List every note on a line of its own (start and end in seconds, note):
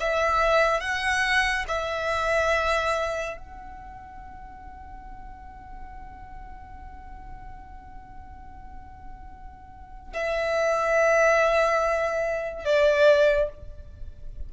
0.00 0.81 E5
0.81 1.65 F#5
1.68 3.37 E5
3.37 10.13 F#5
10.13 12.65 E5
12.65 13.49 D5